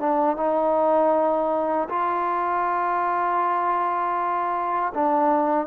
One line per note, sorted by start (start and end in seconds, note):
0.00 0.37 D4
0.37 1.89 D#4
1.90 4.93 F4
4.95 5.68 D4